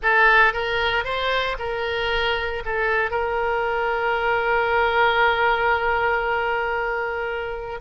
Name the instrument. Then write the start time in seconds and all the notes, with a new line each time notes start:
oboe
0.02 A4
0.53 A#4
1.04 C5
1.58 A#4
2.65 A4
3.10 A#4